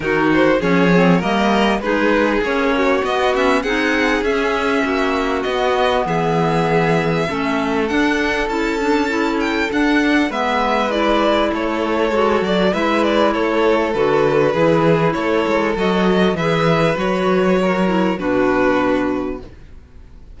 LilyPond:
<<
  \new Staff \with { instrumentName = "violin" } { \time 4/4 \tempo 4 = 99 ais'8 c''8 cis''4 dis''4 b'4 | cis''4 dis''8 e''8 fis''4 e''4~ | e''4 dis''4 e''2~ | e''4 fis''4 a''4. g''8 |
fis''4 e''4 d''4 cis''4~ | cis''8 d''8 e''8 d''8 cis''4 b'4~ | b'4 cis''4 dis''4 e''4 | cis''2 b'2 | }
  \new Staff \with { instrumentName = "violin" } { \time 4/4 fis'4 gis'4 ais'4 gis'4~ | gis'8 fis'4. gis'2 | fis'2 gis'2 | a'1~ |
a'4 b'2 a'4~ | a'4 b'4 a'2 | gis'4 a'2 b'4~ | b'4 ais'4 fis'2 | }
  \new Staff \with { instrumentName = "clarinet" } { \time 4/4 dis'4 cis'8 c'8 ais4 dis'4 | cis'4 b8 cis'8 dis'4 cis'4~ | cis'4 b2. | cis'4 d'4 e'8 d'8 e'4 |
d'4 b4 e'2 | fis'4 e'2 fis'4 | e'2 fis'4 gis'4 | fis'4. e'8 d'2 | }
  \new Staff \with { instrumentName = "cello" } { \time 4/4 dis4 f4 g4 gis4 | ais4 b4 c'4 cis'4 | ais4 b4 e2 | a4 d'4 cis'2 |
d'4 gis2 a4 | gis8 fis8 gis4 a4 d4 | e4 a8 gis8 fis4 e4 | fis2 b,2 | }
>>